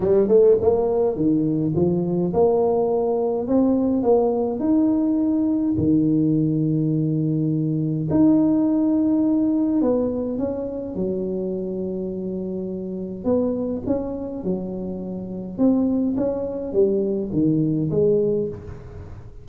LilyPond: \new Staff \with { instrumentName = "tuba" } { \time 4/4 \tempo 4 = 104 g8 a8 ais4 dis4 f4 | ais2 c'4 ais4 | dis'2 dis2~ | dis2 dis'2~ |
dis'4 b4 cis'4 fis4~ | fis2. b4 | cis'4 fis2 c'4 | cis'4 g4 dis4 gis4 | }